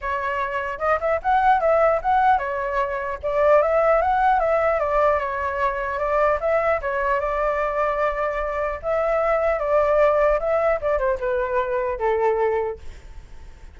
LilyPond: \new Staff \with { instrumentName = "flute" } { \time 4/4 \tempo 4 = 150 cis''2 dis''8 e''8 fis''4 | e''4 fis''4 cis''2 | d''4 e''4 fis''4 e''4 | d''4 cis''2 d''4 |
e''4 cis''4 d''2~ | d''2 e''2 | d''2 e''4 d''8 c''8 | b'2 a'2 | }